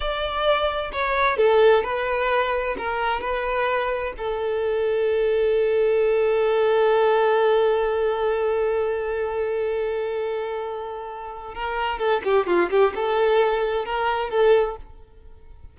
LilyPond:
\new Staff \with { instrumentName = "violin" } { \time 4/4 \tempo 4 = 130 d''2 cis''4 a'4 | b'2 ais'4 b'4~ | b'4 a'2.~ | a'1~ |
a'1~ | a'1~ | a'4 ais'4 a'8 g'8 f'8 g'8 | a'2 ais'4 a'4 | }